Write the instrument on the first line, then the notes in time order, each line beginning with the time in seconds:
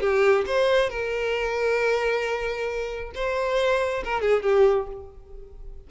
violin
0.00 G4
0.46 C5
0.89 A#4
3.14 C5
4.04 A#4
4.21 G#4
4.42 G4